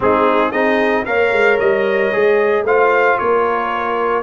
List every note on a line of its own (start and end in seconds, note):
0.00 0.52 G#3
0.00 0.52 C4
0.00 0.51 D#4
0.00 0.51 G#4
0.51 1.05 C4
0.51 1.05 D#4
0.51 1.04 G#4
0.51 1.04 D#5
1.05 1.32 A#3
1.05 2.12 A#4
1.05 2.66 C#5
1.05 1.58 F5
1.32 1.59 G#3
1.59 2.13 G3
1.59 2.65 D#5
2.12 2.63 G#3
2.12 2.65 G#4
2.63 3.16 A3
2.63 4.23 F4
2.63 3.19 C5
2.63 3.18 F5
3.18 4.23 A#3
3.18 4.23 A#4
3.18 4.23 C#5